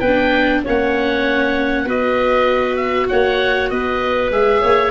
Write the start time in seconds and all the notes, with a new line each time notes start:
0.00 B3 B4 G5
0.08 D4
0.64 A#3 C#4 C#5 F#5
1.85 B3 F#4 B4 D#5
2.77 E5
3.09 A#3 C#5 F#5
3.70 B3 B4 D#5
4.31 G#3 G#4 E5
4.61 A#3 C#5